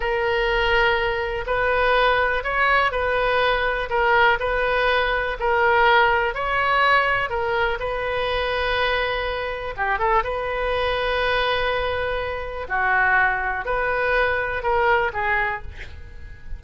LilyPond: \new Staff \with { instrumentName = "oboe" } { \time 4/4 \tempo 4 = 123 ais'2. b'4~ | b'4 cis''4 b'2 | ais'4 b'2 ais'4~ | ais'4 cis''2 ais'4 |
b'1 | g'8 a'8 b'2.~ | b'2 fis'2 | b'2 ais'4 gis'4 | }